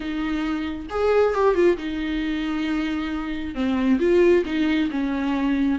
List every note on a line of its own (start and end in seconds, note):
0.00 0.87 D#4
0.89 1.34 G#4
1.34 1.54 G4
1.54 1.77 F4
1.77 3.55 D#4
3.55 3.99 C4
3.99 4.44 F4
4.45 4.89 D#4
4.90 5.79 C#4